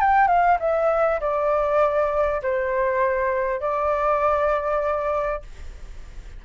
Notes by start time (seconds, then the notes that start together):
0.00 G5
0.27 F5
0.59 E5
1.20 D5
2.42 C5
3.60 D5